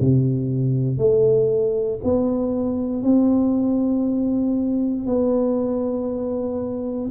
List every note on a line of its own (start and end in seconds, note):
0.00 0.98 C3
0.98 1.99 A3
2.03 3.03 B3
3.03 5.06 C4
5.06 7.10 B3